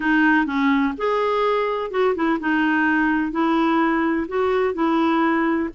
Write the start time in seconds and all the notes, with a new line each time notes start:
0.00 D#4
0.45 C#4
0.97 G#4
1.90 F#4
2.15 E4
2.40 D#4
3.31 E4
4.28 F#4
4.74 E4